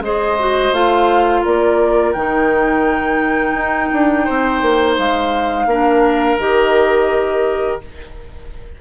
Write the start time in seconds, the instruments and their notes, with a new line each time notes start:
0.00 bassoon G#3, clarinet G#4, oboe C5, flute D#5
0.39 clarinet F#4
0.72 bassoon A3, clarinet F4, flute F5
1.42 bassoon A#3, oboe A#4, flute D5
2.13 bassoon D#3, clarinet D#4, flute G5
3.54 bassoon D#4
3.93 bassoon D4
4.25 bassoon C4, oboe C5
4.62 bassoon A#3
4.98 bassoon G#3, flute F5
5.66 bassoon A#3, clarinet D4, oboe A#4
6.39 bassoon D#3, clarinet G4, flute D#5